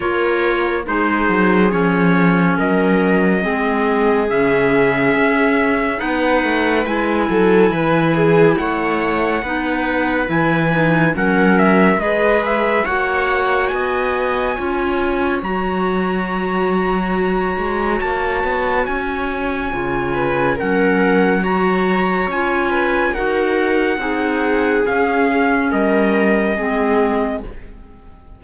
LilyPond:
<<
  \new Staff \with { instrumentName = "trumpet" } { \time 4/4 \tempo 4 = 70 cis''4 c''4 cis''4 dis''4~ | dis''4 e''2 fis''4 | gis''2 fis''2 | gis''4 fis''8 e''8 dis''8 e''8 fis''4 |
gis''2 ais''2~ | ais''4 a''4 gis''2 | fis''4 ais''4 gis''4 fis''4~ | fis''4 f''4 dis''2 | }
  \new Staff \with { instrumentName = "viola" } { \time 4/4 ais'4 gis'2 ais'4 | gis'2. b'4~ | b'8 a'8 b'8 gis'8 cis''4 b'4~ | b'4 ais'4 b'4 cis''4 |
dis''4 cis''2.~ | cis''2.~ cis''8 b'8 | ais'4 cis''4. b'8 ais'4 | gis'2 ais'4 gis'4 | }
  \new Staff \with { instrumentName = "clarinet" } { \time 4/4 f'4 dis'4 cis'2 | c'4 cis'2 dis'4 | e'2. dis'4 | e'8 dis'8 cis'4 gis'4 fis'4~ |
fis'4 f'4 fis'2~ | fis'2. f'4 | cis'4 fis'4 f'4 fis'4 | dis'4 cis'2 c'4 | }
  \new Staff \with { instrumentName = "cello" } { \time 4/4 ais4 gis8 fis8 f4 fis4 | gis4 cis4 cis'4 b8 a8 | gis8 fis8 e4 a4 b4 | e4 fis4 gis4 ais4 |
b4 cis'4 fis2~ | fis8 gis8 ais8 b8 cis'4 cis4 | fis2 cis'4 dis'4 | c'4 cis'4 g4 gis4 | }
>>